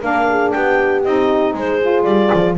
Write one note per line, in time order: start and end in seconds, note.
0.00 0.53 A#3
0.00 1.02 D4
0.00 0.25 A#4
0.00 0.51 F5
0.30 0.55 G#4
0.51 1.05 B3
0.51 1.54 G4
0.51 1.02 G5
1.04 1.54 C4
1.04 1.81 D#4
1.04 1.55 D#5
1.54 2.04 G#3
1.54 2.56 G#4
1.54 2.03 C5
1.81 2.57 F4
2.03 2.30 G3
2.03 2.54 D5
2.34 2.58 F3